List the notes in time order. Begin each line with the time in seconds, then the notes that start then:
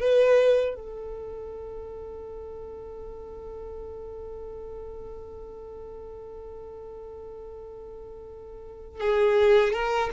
0.00 B4
0.75 A4
9.00 G#4
9.73 A#4